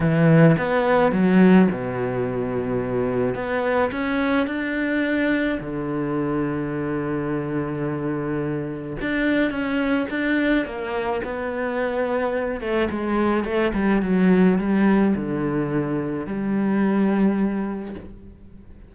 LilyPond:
\new Staff \with { instrumentName = "cello" } { \time 4/4 \tempo 4 = 107 e4 b4 fis4 b,4~ | b,2 b4 cis'4 | d'2 d2~ | d1 |
d'4 cis'4 d'4 ais4 | b2~ b8 a8 gis4 | a8 g8 fis4 g4 d4~ | d4 g2. | }